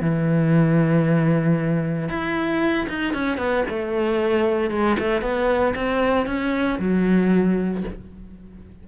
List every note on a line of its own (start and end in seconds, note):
0.00 2.08 E3
2.08 2.87 E4
2.88 3.13 D#4
3.13 3.38 C#4
3.38 3.64 B3
3.69 4.70 A3
4.70 4.96 G#3
4.99 5.22 A3
5.22 5.74 B3
5.75 6.26 C4
6.26 6.78 C#4
6.79 7.83 F#3